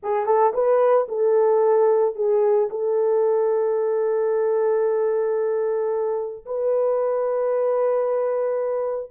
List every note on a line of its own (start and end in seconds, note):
0.02 0.26 G#4
0.26 0.52 A4
0.53 1.07 B4
1.08 2.15 A4
2.15 2.68 G#4
2.70 6.45 A4
6.45 9.10 B4